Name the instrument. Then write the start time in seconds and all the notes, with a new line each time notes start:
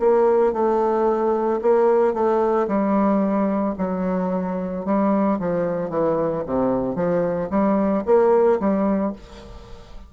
bassoon
0.00 A#3
0.53 A3
1.62 A#3
2.14 A3
2.68 G3
3.78 F#3
4.86 G3
5.40 F3
5.90 E3
6.46 C3
6.95 F3
7.50 G3
8.06 A#3
8.60 G3